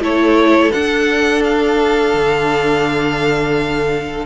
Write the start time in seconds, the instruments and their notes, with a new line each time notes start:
0.00 cello A3, viola E4, violin A4 C#5
0.72 viola D4, cello D4, violin F#5
1.44 violin F5
2.14 cello D3